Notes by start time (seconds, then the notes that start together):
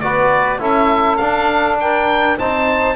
0.00 B3 F#4 B4 D5
0.59 C#4 E4 A4 E5
1.17 D4 F5
1.80 A#4 G5
2.38 C4 D#4 C5 A5